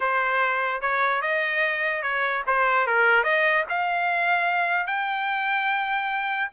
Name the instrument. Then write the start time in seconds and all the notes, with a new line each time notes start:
trumpet
0.00 C5
0.81 C#5
1.21 D#5
2.02 C#5
2.46 C5
2.86 A#4
3.23 D#5
3.69 F5
4.86 G5